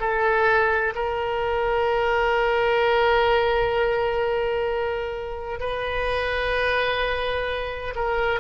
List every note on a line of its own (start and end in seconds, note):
0.00 0.94 A4
0.95 5.60 A#4
5.60 7.94 B4
7.96 8.40 A#4